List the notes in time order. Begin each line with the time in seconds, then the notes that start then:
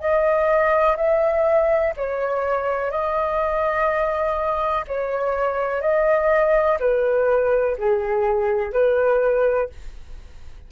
0.00 D#5
0.97 E5
1.97 C#5
2.91 D#5
4.87 C#5
5.82 D#5
6.80 B4
7.78 G#4
8.73 B4